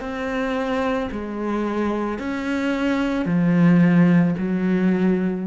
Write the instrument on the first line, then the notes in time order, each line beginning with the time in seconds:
cello
0.00 C4
1.11 G#3
2.18 C#4
3.25 F3
4.38 F#3